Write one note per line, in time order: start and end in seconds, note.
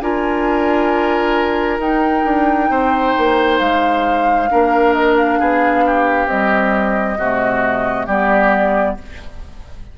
0.00 1.79 D4
0.00 1.80 F4
0.00 2.71 A#4
0.00 1.79 G#5
1.79 2.24 D#4
1.79 4.49 D#4
1.79 3.59 G5
2.25 2.70 D4
2.70 3.14 C4
2.70 4.50 C5
3.18 3.60 A#3
3.59 4.50 G#3
3.59 4.93 F5
4.50 5.40 A#3
4.50 6.28 D4
4.50 5.39 A#4
4.93 5.16 D#5
5.17 6.28 F5
5.39 6.26 B3
5.39 5.84 G#4
5.86 7.19 G4
6.26 7.18 G3
6.26 7.16 C4
6.26 8.07 D#5
7.18 8.07 C3
7.18 8.09 A3
7.18 8.07 F#4
8.07 8.97 G3
8.07 8.98 B3
8.07 8.96 G4
8.07 8.97 D5